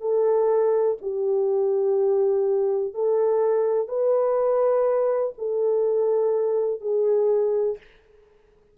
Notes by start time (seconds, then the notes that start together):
0.00 A4
1.02 G4
2.94 A4
3.88 B4
5.38 A4
6.80 G#4